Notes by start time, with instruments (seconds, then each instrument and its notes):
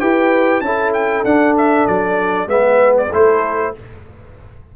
0.00 tuba E4, trombone G4, horn B4, trumpet G5
0.61 tuba C#4, trombone E4, horn A4, trumpet A5
0.93 trumpet G5
1.25 tuba D4, trombone D4, trumpet F#5
1.57 trumpet E5
1.87 tuba F#3, trumpet D5
2.47 tuba G#3, trombone B3, horn B4, trumpet E5
2.98 trumpet D5
3.09 tuba A3, trombone E4, horn A4, trumpet C5